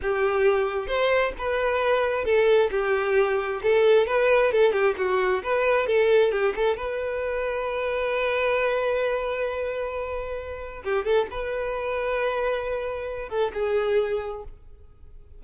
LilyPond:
\new Staff \with { instrumentName = "violin" } { \time 4/4 \tempo 4 = 133 g'2 c''4 b'4~ | b'4 a'4 g'2 | a'4 b'4 a'8 g'8 fis'4 | b'4 a'4 g'8 a'8 b'4~ |
b'1~ | b'1 | g'8 a'8 b'2.~ | b'4. a'8 gis'2 | }